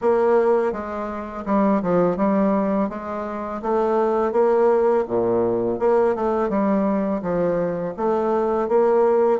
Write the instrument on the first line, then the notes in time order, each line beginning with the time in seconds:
bassoon
0.01 A#3
0.72 G#3
1.45 G3
1.82 F3
2.17 G3
2.89 G#3
3.61 A3
4.31 A#3
5.07 A#2
5.79 A#3
6.15 A3
6.49 G3
7.22 F3
7.96 A3
8.68 A#3